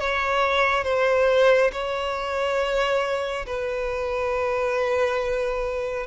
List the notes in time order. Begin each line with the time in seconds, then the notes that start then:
0.00 C#5
0.84 C5
1.72 C#5
3.47 B4